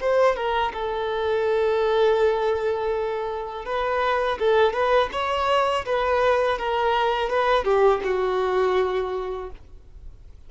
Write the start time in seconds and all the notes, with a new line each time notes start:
0.00 C5
0.36 A#4
0.73 A4
3.65 B4
4.39 A4
4.73 B4
5.12 C#5
5.85 B4
6.58 A#4
7.29 B4
7.64 G4
8.04 F#4